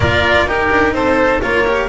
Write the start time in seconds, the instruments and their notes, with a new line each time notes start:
0.00 double bass A#3, cello F4, oboe A#4, violin D5
0.45 double bass D#4, cello D#4, oboe G4, violin A#4
0.70 double bass D4
0.92 double bass C4, oboe A4, violin C5
1.42 double bass A#3, cello F4, oboe A#4, violin C#5
1.66 cello G4